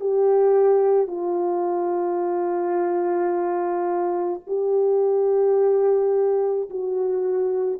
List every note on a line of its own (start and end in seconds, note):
0.00 1.07 G4
1.07 4.40 F4
4.47 6.69 G4
6.70 7.80 F#4